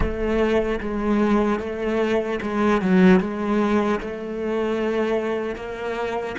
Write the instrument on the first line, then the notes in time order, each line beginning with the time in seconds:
cello
0.00 A3
0.80 G#3
1.59 A3
2.42 G#3
2.81 F#3
3.20 G#3
4.00 A3
5.55 A#3